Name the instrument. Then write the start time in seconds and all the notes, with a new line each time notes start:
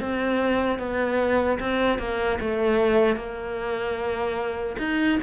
cello
0.00 C4
0.78 B3
1.59 C4
1.99 A#3
2.40 A3
3.16 A#3
4.78 D#4